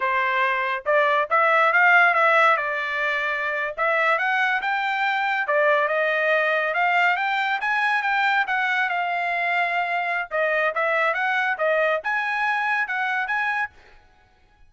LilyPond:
\new Staff \with { instrumentName = "trumpet" } { \time 4/4 \tempo 4 = 140 c''2 d''4 e''4 | f''4 e''4 d''2~ | d''8. e''4 fis''4 g''4~ g''16~ | g''8. d''4 dis''2 f''16~ |
f''8. g''4 gis''4 g''4 fis''16~ | fis''8. f''2.~ f''16 | dis''4 e''4 fis''4 dis''4 | gis''2 fis''4 gis''4 | }